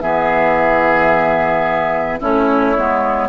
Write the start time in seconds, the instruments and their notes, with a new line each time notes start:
0.00 bassoon E3, clarinet B3, oboe G#4, flute E5
2.19 bassoon A3, clarinet C#4, oboe E4, flute C#5
2.76 bassoon G#3, clarinet B3